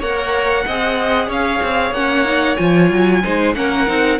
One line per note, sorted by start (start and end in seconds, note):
0.00 0.65 A#3
0.00 0.67 A#4
0.00 0.65 C#5
0.00 1.31 F#5
0.67 1.28 C4
0.67 1.96 G#4
0.67 1.28 D#5
1.28 1.61 C#4
1.28 3.22 C#5
1.28 1.94 F5
1.63 1.92 C4
1.92 2.56 A#3
1.92 2.24 C#4
1.92 2.56 F#5
2.24 2.57 D#4
2.56 2.91 F3
2.56 3.23 F4
2.56 3.53 G#5
2.91 3.24 F#3
3.24 3.56 G#3
3.24 3.54 D#4
3.24 3.56 C5
3.54 3.88 A#3
3.54 3.87 C#4
3.54 4.20 A#4
3.54 4.20 F#5
3.87 4.20 C4
3.87 4.19 D#4